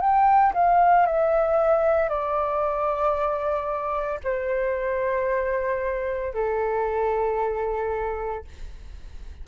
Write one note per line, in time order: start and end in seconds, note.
0.00 0.53 G5
0.54 1.06 F5
1.06 2.09 E5
2.09 4.20 D5
4.23 6.33 C5
6.33 8.44 A4